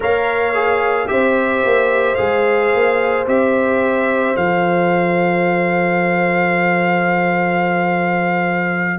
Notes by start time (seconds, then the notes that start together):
0.00 A#3 A#4 C#5 F5
0.54 G#4
1.06 C4 G4 C5 E5
1.64 A#3
2.15 G#3 G#4 F5
2.74 A#3
3.26 C4 G4 E5
4.35 F3 A4 F5